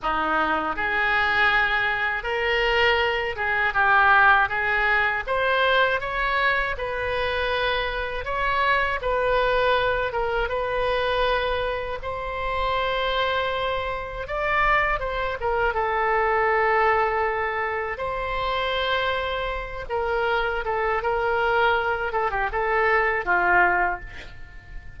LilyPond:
\new Staff \with { instrumentName = "oboe" } { \time 4/4 \tempo 4 = 80 dis'4 gis'2 ais'4~ | ais'8 gis'8 g'4 gis'4 c''4 | cis''4 b'2 cis''4 | b'4. ais'8 b'2 |
c''2. d''4 | c''8 ais'8 a'2. | c''2~ c''8 ais'4 a'8 | ais'4. a'16 g'16 a'4 f'4 | }